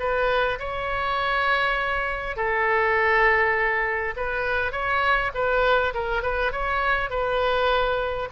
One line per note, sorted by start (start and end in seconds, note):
0.00 0.59 B4
0.60 2.37 C#5
2.37 4.15 A4
4.17 4.72 B4
4.72 5.32 C#5
5.35 5.94 B4
5.95 6.23 A#4
6.23 6.52 B4
6.52 7.10 C#5
7.10 8.29 B4